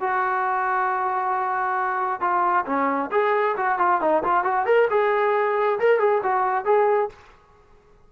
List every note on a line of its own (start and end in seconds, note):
0.00 2.20 F#4
2.20 2.65 F4
2.66 3.10 C#4
3.11 3.56 G#4
3.57 3.79 F#4
3.79 4.01 F4
4.01 4.23 D#4
4.23 4.44 F4
4.44 4.66 F#4
4.66 4.88 A#4
4.90 5.79 G#4
5.79 5.99 A#4
5.99 6.22 G#4
6.23 6.65 F#4
6.65 7.09 G#4